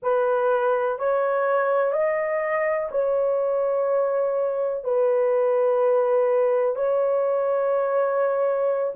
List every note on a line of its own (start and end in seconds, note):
0.02 0.99 B4
0.99 1.92 C#5
1.92 2.89 D#5
2.91 4.83 C#5
4.83 6.75 B4
6.75 8.93 C#5